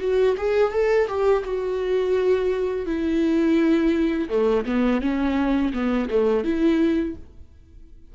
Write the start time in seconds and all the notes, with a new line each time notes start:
0.00 F#4
0.37 G#4
0.73 A4
1.08 G4
1.44 F#4
2.86 E4
4.30 A3
4.66 B3
5.01 C#4
5.73 B3
6.10 A3
6.44 E4